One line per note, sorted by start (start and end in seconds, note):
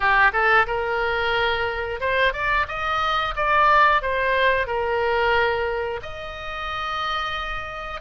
0.00 0.31 G4
0.32 0.66 A4
0.67 2.00 A#4
2.00 2.33 C5
2.33 2.66 D5
2.68 3.34 D#5
3.36 4.02 D5
4.02 4.67 C5
4.67 6.00 A#4
6.02 8.00 D#5